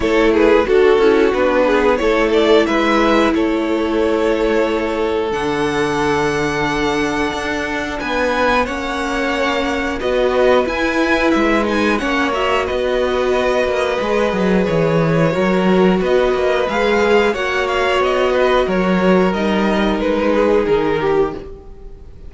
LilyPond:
<<
  \new Staff \with { instrumentName = "violin" } { \time 4/4 \tempo 4 = 90 cis''8 b'8 a'4 b'4 cis''8 d''8 | e''4 cis''2. | fis''1 | gis''4 fis''2 dis''4 |
gis''4 e''8 gis''8 fis''8 e''8 dis''4~ | dis''2 cis''2 | dis''4 f''4 fis''8 f''8 dis''4 | cis''4 dis''4 b'4 ais'4 | }
  \new Staff \with { instrumentName = "violin" } { \time 4/4 a'8 gis'8 fis'4. gis'8 a'4 | b'4 a'2.~ | a'1 | b'4 cis''2 b'4~ |
b'2 cis''4 b'4~ | b'2. ais'4 | b'2 cis''4. b'8 | ais'2~ ais'8 gis'4 g'8 | }
  \new Staff \with { instrumentName = "viola" } { \time 4/4 e'4 fis'8 e'8 d'4 e'4~ | e'1 | d'1~ | d'4 cis'2 fis'4 |
e'4. dis'8 cis'8 fis'4.~ | fis'4 gis'2 fis'4~ | fis'4 gis'4 fis'2~ | fis'4 dis'2. | }
  \new Staff \with { instrumentName = "cello" } { \time 4/4 a4 d'8 cis'8 b4 a4 | gis4 a2. | d2. d'4 | b4 ais2 b4 |
e'4 gis4 ais4 b4~ | b8 ais8 gis8 fis8 e4 fis4 | b8 ais8 gis4 ais4 b4 | fis4 g4 gis4 dis4 | }
>>